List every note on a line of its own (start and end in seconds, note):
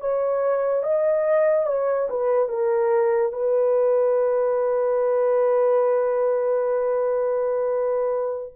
0.00 0.83 C#5
0.83 1.66 D#5
1.66 2.08 C#5
2.09 2.48 B4
2.48 3.32 A#4
3.32 8.53 B4